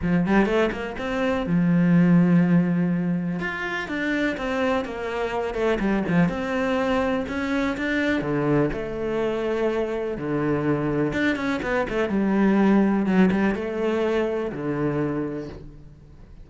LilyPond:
\new Staff \with { instrumentName = "cello" } { \time 4/4 \tempo 4 = 124 f8 g8 a8 ais8 c'4 f4~ | f2. f'4 | d'4 c'4 ais4. a8 | g8 f8 c'2 cis'4 |
d'4 d4 a2~ | a4 d2 d'8 cis'8 | b8 a8 g2 fis8 g8 | a2 d2 | }